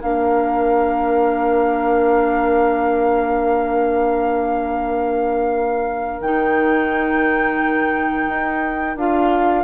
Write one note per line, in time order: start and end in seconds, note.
0.00 6.20 A#3
0.00 6.21 D4
0.00 9.64 A#4
0.00 6.21 F5
6.20 8.27 D#3
6.20 8.98 D#4
6.20 8.97 G5
8.28 8.96 D#4
8.96 9.64 D4
8.96 9.64 F4
8.96 9.64 F5